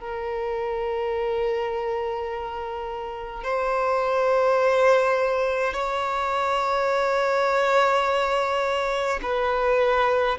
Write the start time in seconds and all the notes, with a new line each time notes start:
0.00 A#4
3.44 C5
5.74 C#5
9.23 B4